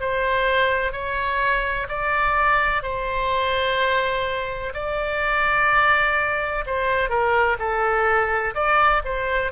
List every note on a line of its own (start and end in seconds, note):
0.00 0.92 C5
0.92 1.87 C#5
1.88 2.82 D5
2.82 4.73 C5
4.74 6.65 D5
6.66 7.09 C5
7.09 7.57 A#4
7.59 8.54 A4
8.55 9.02 D5
9.05 9.52 C5